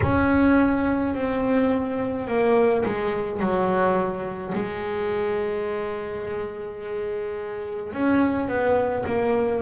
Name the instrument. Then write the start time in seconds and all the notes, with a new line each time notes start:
double bass
0.02 C#4
1.14 C4
2.27 A#3
2.85 G#3
3.40 F#3
4.54 G#3
7.92 C#4
8.48 B3
9.06 A#3